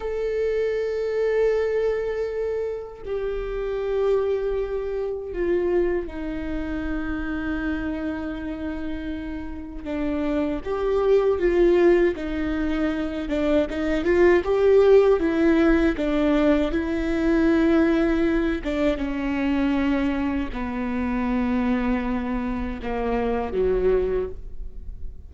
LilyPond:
\new Staff \with { instrumentName = "viola" } { \time 4/4 \tempo 4 = 79 a'1 | g'2. f'4 | dis'1~ | dis'4 d'4 g'4 f'4 |
dis'4. d'8 dis'8 f'8 g'4 | e'4 d'4 e'2~ | e'8 d'8 cis'2 b4~ | b2 ais4 fis4 | }